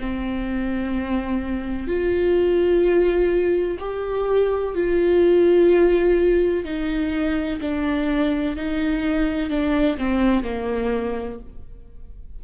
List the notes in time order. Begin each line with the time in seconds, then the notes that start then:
0.00 C4
1.88 F4
3.80 G4
4.75 F4
6.65 D#4
7.61 D4
8.57 D#4
9.50 D4
9.99 C4
10.44 A#3